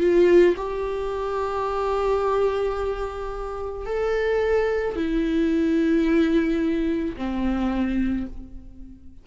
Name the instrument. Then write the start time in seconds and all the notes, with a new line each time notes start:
viola
0.00 F4
0.57 G4
3.86 A4
4.96 E4
7.17 C4